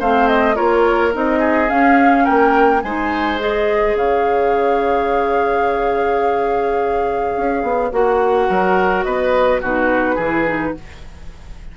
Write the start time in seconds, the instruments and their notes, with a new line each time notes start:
0.00 bassoon A3, clarinet C4, oboe C5, flute F5
0.28 flute D#5
0.55 bassoon A#3, clarinet F4, oboe A#4, flute C#5
1.12 bassoon C4, clarinet D#4, flute D#5
1.39 oboe G#4
1.68 clarinet C#4, bassoon C#4, flute F5
2.24 bassoon A#3, oboe A#4, flute G5
2.83 bassoon G#3, clarinet D#4, oboe C5, flute G#5
3.39 clarinet G#4, flute D#5
3.94 bassoon C#3, oboe C#5, flute F5
7.37 bassoon C#4
7.63 bassoon B3
7.92 bassoon A#3, clarinet F#4, flute F#5
8.49 bassoon F#3, oboe A#4
9.03 bassoon B3, oboe B4, flute D#5
9.61 bassoon B2, clarinet D#4, oboe F#4, flute B4
10.15 bassoon E3, clarinet E4, oboe G#4
10.46 clarinet D#4